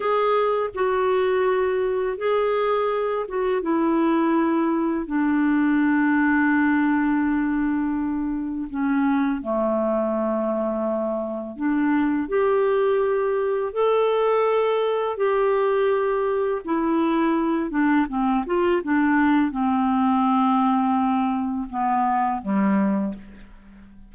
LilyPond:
\new Staff \with { instrumentName = "clarinet" } { \time 4/4 \tempo 4 = 83 gis'4 fis'2 gis'4~ | gis'8 fis'8 e'2 d'4~ | d'1 | cis'4 a2. |
d'4 g'2 a'4~ | a'4 g'2 e'4~ | e'8 d'8 c'8 f'8 d'4 c'4~ | c'2 b4 g4 | }